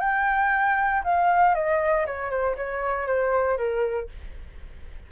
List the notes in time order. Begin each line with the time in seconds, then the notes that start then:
0.00 G5
1.04 F5
1.55 D#5
2.06 C#5
2.30 C5
2.57 C#5
3.07 C5
3.58 A#4